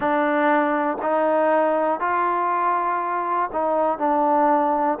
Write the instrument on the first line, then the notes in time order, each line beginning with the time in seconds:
trombone
0.00 D4
1.02 D#4
2.00 F4
3.52 D#4
3.98 D4